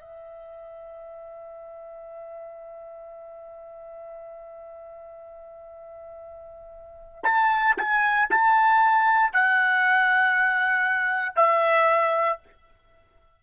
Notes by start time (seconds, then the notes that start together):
0.00 E5
7.23 A5
7.77 G#5
8.30 A5
9.32 F#5
11.35 E5